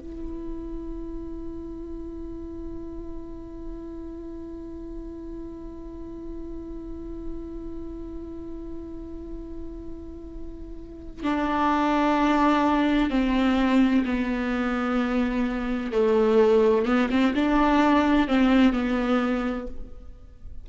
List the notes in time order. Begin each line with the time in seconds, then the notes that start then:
0.00 E4
11.24 D4
13.11 C4
14.05 B3
15.93 A3
16.86 B3
17.11 C4
17.36 D4
18.29 C4
18.74 B3